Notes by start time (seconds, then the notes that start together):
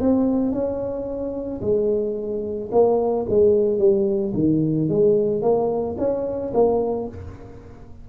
0.00 C4
0.52 C#4
1.61 G#3
2.71 A#3
3.29 G#3
3.78 G3
4.34 D#3
4.89 G#3
5.41 A#3
5.98 C#4
6.53 A#3